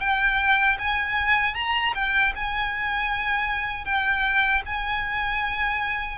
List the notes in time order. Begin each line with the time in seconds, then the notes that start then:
0.00 G5
0.78 G#5
1.54 A#5
1.94 G5
2.35 G#5
3.85 G5
4.66 G#5